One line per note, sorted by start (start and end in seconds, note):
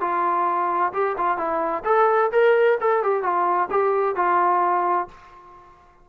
0.00 0.92 F4
0.93 1.16 G4
1.17 1.37 F4
1.37 1.83 E4
1.84 2.30 A4
2.31 2.78 A#4
2.80 3.03 A4
3.03 3.22 G4
3.22 3.69 F4
3.70 4.15 G4
4.15 5.08 F4